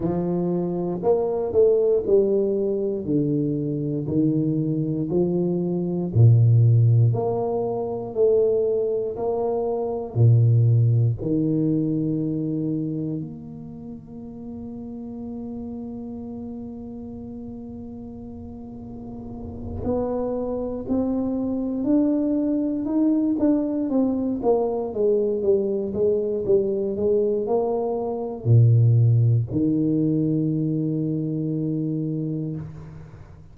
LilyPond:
\new Staff \with { instrumentName = "tuba" } { \time 4/4 \tempo 4 = 59 f4 ais8 a8 g4 d4 | dis4 f4 ais,4 ais4 | a4 ais4 ais,4 dis4~ | dis4 ais2.~ |
ais2.~ ais8 b8~ | b8 c'4 d'4 dis'8 d'8 c'8 | ais8 gis8 g8 gis8 g8 gis8 ais4 | ais,4 dis2. | }